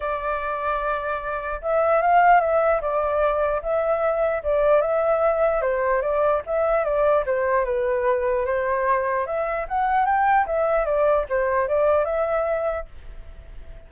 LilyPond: \new Staff \with { instrumentName = "flute" } { \time 4/4 \tempo 4 = 149 d''1 | e''4 f''4 e''4 d''4~ | d''4 e''2 d''4 | e''2 c''4 d''4 |
e''4 d''4 c''4 b'4~ | b'4 c''2 e''4 | fis''4 g''4 e''4 d''4 | c''4 d''4 e''2 | }